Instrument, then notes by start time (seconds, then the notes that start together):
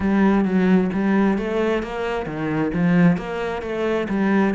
cello
0.00 G3
0.44 F#3
0.93 G3
1.38 A3
1.83 A#3
2.26 D#3
2.73 F3
3.17 A#3
3.62 A3
4.08 G3